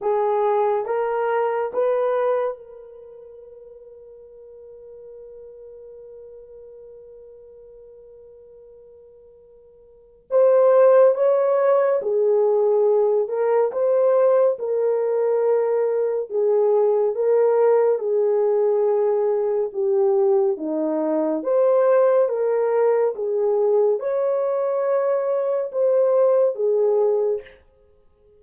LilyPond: \new Staff \with { instrumentName = "horn" } { \time 4/4 \tempo 4 = 70 gis'4 ais'4 b'4 ais'4~ | ais'1~ | ais'1 | c''4 cis''4 gis'4. ais'8 |
c''4 ais'2 gis'4 | ais'4 gis'2 g'4 | dis'4 c''4 ais'4 gis'4 | cis''2 c''4 gis'4 | }